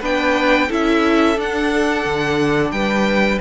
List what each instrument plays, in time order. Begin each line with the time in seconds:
0.00 cello B3, viola D4, violin B4 G5
0.68 cello C#4, viola E4, violin A4 E5
1.36 viola D4, cello D4, violin F#5
2.05 cello D3
2.71 cello G3, violin B4 G5